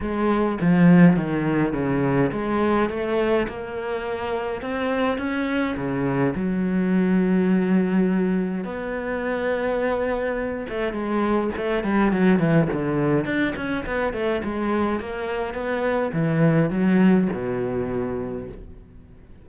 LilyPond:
\new Staff \with { instrumentName = "cello" } { \time 4/4 \tempo 4 = 104 gis4 f4 dis4 cis4 | gis4 a4 ais2 | c'4 cis'4 cis4 fis4~ | fis2. b4~ |
b2~ b8 a8 gis4 | a8 g8 fis8 e8 d4 d'8 cis'8 | b8 a8 gis4 ais4 b4 | e4 fis4 b,2 | }